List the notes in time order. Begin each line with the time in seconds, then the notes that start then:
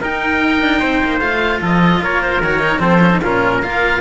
0.00 D#4 A#4 G5
0.61 D4
0.80 C4 C5
1.04 A#3
1.20 A3 F4 F5
1.62 F3 A4 D#5
2.02 A#3 A#4 C#5
2.22 C5
2.41 D#3 F#4 C#5
2.59 D#4
2.79 F3 C4 A4 C5
3.01 C#4
3.10 D#4
3.22 A#2 C#4 F4 A#4
3.57 A#3 F4 A#4 F5